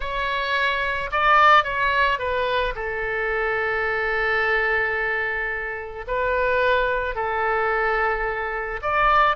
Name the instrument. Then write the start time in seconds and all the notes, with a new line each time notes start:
oboe
0.00 C#5
1.11 D5
1.63 C#5
2.18 B4
2.75 A4
6.07 B4
7.15 A4
8.81 D5